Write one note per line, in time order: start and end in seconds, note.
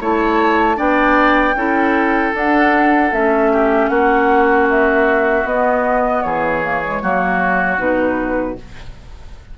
0.00 0.78 A3
0.00 0.75 E4
0.00 0.77 C#5
0.00 0.79 A5
0.75 1.55 B3
0.75 1.53 D4
0.75 1.55 D5
0.75 2.34 G5
1.55 2.32 C#4
1.55 2.33 E4
1.55 3.52 A4
2.33 3.11 D4
2.33 3.12 D4
2.33 3.13 F#5
3.11 3.89 A3
3.11 5.45 C#4
3.11 3.89 E5
3.52 3.90 G4
3.89 5.44 A#3
3.89 6.24 F#4
3.89 4.67 F#5
4.70 5.47 E5
5.44 6.22 B3
5.44 6.62 B3
5.44 6.22 D#5
6.22 7.02 E3
6.22 7.02 G#4
6.22 7.78 C#5
6.62 6.82 A#3
6.83 7.02 G#3
7.02 7.78 F#3
7.02 7.78 A#3
7.02 8.58 F#4
7.78 8.56 B2
7.78 8.56 D#4
7.78 8.57 B4